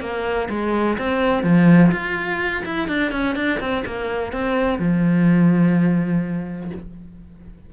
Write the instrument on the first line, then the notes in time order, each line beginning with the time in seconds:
cello
0.00 A#3
0.49 G#3
0.98 C4
1.43 F3
1.91 F4
2.65 E4
2.88 D4
3.11 C#4
3.35 D4
3.60 C4
3.86 A#3
4.32 C4
4.78 F3